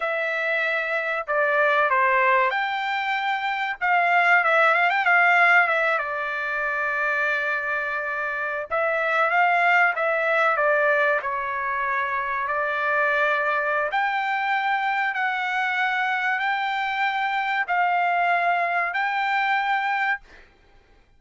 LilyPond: \new Staff \with { instrumentName = "trumpet" } { \time 4/4 \tempo 4 = 95 e''2 d''4 c''4 | g''2 f''4 e''8 f''16 g''16 | f''4 e''8 d''2~ d''8~ | d''4.~ d''16 e''4 f''4 e''16~ |
e''8. d''4 cis''2 d''16~ | d''2 g''2 | fis''2 g''2 | f''2 g''2 | }